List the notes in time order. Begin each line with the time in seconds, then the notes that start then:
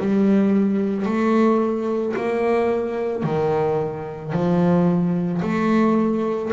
0.00 G3
1.06 A3
2.17 A#3
3.23 D#3
4.32 F3
5.42 A3